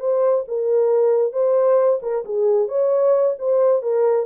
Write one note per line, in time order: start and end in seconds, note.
0.00 0.45 C5
0.48 1.33 A#4
1.33 2.00 C5
2.03 2.25 A#4
2.25 2.68 G#4
2.68 3.36 C#5
3.39 3.82 C5
3.82 4.27 A#4